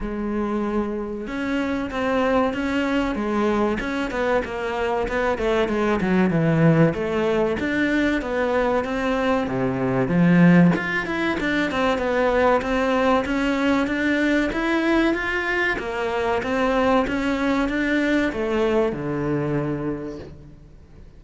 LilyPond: \new Staff \with { instrumentName = "cello" } { \time 4/4 \tempo 4 = 95 gis2 cis'4 c'4 | cis'4 gis4 cis'8 b8 ais4 | b8 a8 gis8 fis8 e4 a4 | d'4 b4 c'4 c4 |
f4 f'8 e'8 d'8 c'8 b4 | c'4 cis'4 d'4 e'4 | f'4 ais4 c'4 cis'4 | d'4 a4 d2 | }